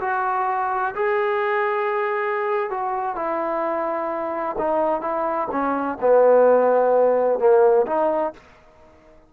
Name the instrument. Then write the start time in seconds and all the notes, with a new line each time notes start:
trombone
0.00 F#4
0.95 G#4
2.70 F#4
3.15 E4
4.58 D#4
5.01 E4
5.51 C#4
6.01 B3
7.39 A#3
7.86 D#4